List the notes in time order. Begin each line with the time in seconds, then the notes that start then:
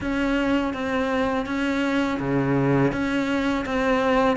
0.00 C#4
0.73 C4
1.45 C#4
2.19 C#3
2.92 C#4
3.66 C4